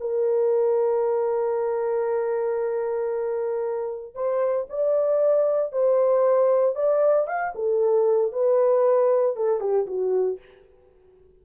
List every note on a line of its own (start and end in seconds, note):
0.00 4.14 A#4
4.14 4.66 C5
4.70 5.72 D5
5.72 6.75 C5
6.75 7.27 D5
7.27 7.53 F5
7.55 8.32 A4
8.32 9.36 B4
9.36 9.60 A4
9.60 9.86 G4
9.86 10.38 F#4